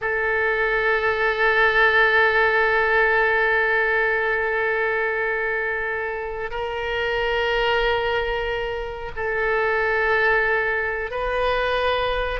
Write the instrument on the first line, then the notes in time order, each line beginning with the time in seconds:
oboe
0.01 A4
6.50 A#4
9.16 A4
11.10 B4